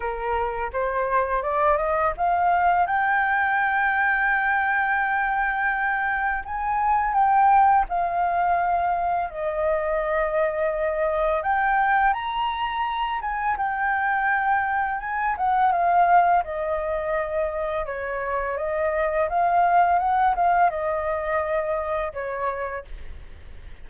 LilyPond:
\new Staff \with { instrumentName = "flute" } { \time 4/4 \tempo 4 = 84 ais'4 c''4 d''8 dis''8 f''4 | g''1~ | g''4 gis''4 g''4 f''4~ | f''4 dis''2. |
g''4 ais''4. gis''8 g''4~ | g''4 gis''8 fis''8 f''4 dis''4~ | dis''4 cis''4 dis''4 f''4 | fis''8 f''8 dis''2 cis''4 | }